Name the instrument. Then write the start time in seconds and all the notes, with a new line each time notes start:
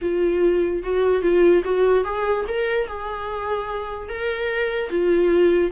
viola
0.01 F4
0.83 F#4
1.21 F4
1.64 F#4
2.04 G#4
2.48 A#4
2.87 G#4
4.08 A#4
4.89 F4